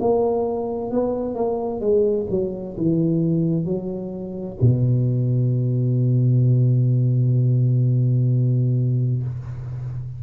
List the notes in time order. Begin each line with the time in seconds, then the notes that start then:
0.00 A#3
0.91 B3
1.35 A#3
1.80 G#3
2.30 F#3
2.77 E3
3.65 F#3
4.61 B2